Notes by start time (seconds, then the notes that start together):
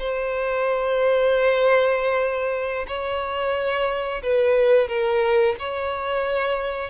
0.00 C5
2.88 C#5
4.23 B4
4.89 A#4
5.60 C#5